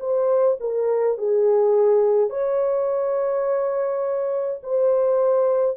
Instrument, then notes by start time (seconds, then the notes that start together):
horn
0.00 C5
0.60 A#4
1.18 G#4
2.30 C#5
4.63 C5